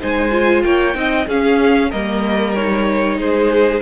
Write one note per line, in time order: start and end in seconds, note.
0.00 0.64 G#3
0.00 0.31 D#4
0.00 0.64 C5
0.00 0.63 G#5
0.31 0.94 F4
0.63 0.95 A#3
0.63 0.97 C#5
0.63 1.27 G5
0.94 1.26 C4
0.94 1.26 D#4
0.94 1.28 D#5
1.27 1.91 C#4
1.27 1.92 C#4
1.27 1.89 G#4
1.27 1.91 F5
1.89 3.17 G3
1.89 2.56 A#3
1.89 3.17 A#4
1.89 2.55 D#5
2.55 3.82 D#4
2.55 3.19 C#5
3.17 3.81 G#3
3.17 3.82 G#4
3.17 3.82 C5